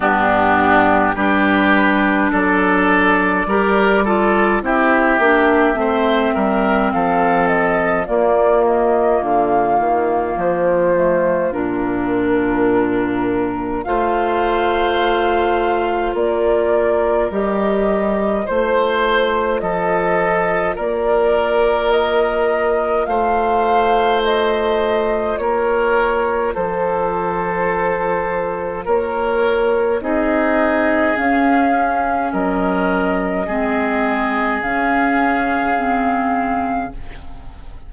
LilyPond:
<<
  \new Staff \with { instrumentName = "flute" } { \time 4/4 \tempo 4 = 52 g'4 b'4 d''2 | e''2 f''8 dis''8 d''8 dis''8 | f''4 c''4 ais'2 | f''2 d''4 dis''4 |
c''4 dis''4 d''4 dis''4 | f''4 dis''4 cis''4 c''4~ | c''4 cis''4 dis''4 f''4 | dis''2 f''2 | }
  \new Staff \with { instrumentName = "oboe" } { \time 4/4 d'4 g'4 a'4 ais'8 a'8 | g'4 c''8 ais'8 a'4 f'4~ | f'1 | c''2 ais'2 |
c''4 a'4 ais'2 | c''2 ais'4 a'4~ | a'4 ais'4 gis'2 | ais'4 gis'2. | }
  \new Staff \with { instrumentName = "clarinet" } { \time 4/4 b4 d'2 g'8 f'8 | e'8 d'8 c'2 ais4~ | ais4. a8 d'2 | f'2. g'4 |
f'1~ | f'1~ | f'2 dis'4 cis'4~ | cis'4 c'4 cis'4 c'4 | }
  \new Staff \with { instrumentName = "bassoon" } { \time 4/4 g,4 g4 fis4 g4 | c'8 ais8 a8 g8 f4 ais4 | d8 dis8 f4 ais,2 | a2 ais4 g4 |
a4 f4 ais2 | a2 ais4 f4~ | f4 ais4 c'4 cis'4 | fis4 gis4 cis2 | }
>>